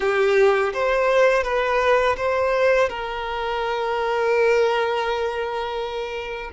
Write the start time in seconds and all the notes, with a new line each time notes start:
0.00 G4
0.73 C5
1.43 B4
2.17 C5
2.89 A#4